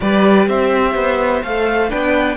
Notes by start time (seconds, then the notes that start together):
0.00 G3 G4 B4 D5
0.48 C4 C5 E5
0.95 B3
1.43 A3 A4 F5
1.89 B3 D4 B4 G5